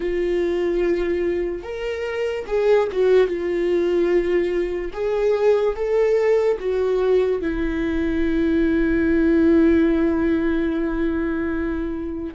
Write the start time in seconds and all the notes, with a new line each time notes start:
0.00 F4
1.63 A#4
2.47 G#4
2.92 F#4
3.27 F4
4.93 G#4
5.75 A4
6.59 F#4
7.41 E4